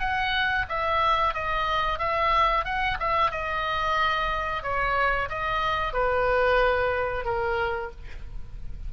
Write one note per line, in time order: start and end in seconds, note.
0.00 0.66 F#5
0.69 1.34 E5
1.34 1.99 D#5
1.99 2.65 E5
2.65 2.98 F#5
3.00 3.32 E5
3.32 4.63 D#5
4.63 5.29 C#5
5.30 5.93 D#5
5.93 7.25 B4
7.25 7.91 A#4